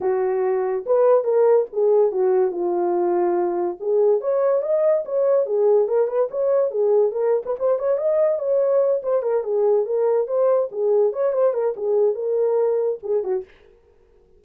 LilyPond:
\new Staff \with { instrumentName = "horn" } { \time 4/4 \tempo 4 = 143 fis'2 b'4 ais'4 | gis'4 fis'4 f'2~ | f'4 gis'4 cis''4 dis''4 | cis''4 gis'4 ais'8 b'8 cis''4 |
gis'4 ais'8. b'16 c''8 cis''8 dis''4 | cis''4. c''8 ais'8 gis'4 ais'8~ | ais'8 c''4 gis'4 cis''8 c''8 ais'8 | gis'4 ais'2 gis'8 fis'8 | }